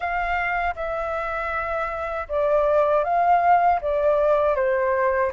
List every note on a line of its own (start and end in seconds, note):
0.00 0.74 F5
0.75 2.27 E5
2.28 3.04 D5
3.04 3.80 F5
3.81 4.55 D5
4.55 5.31 C5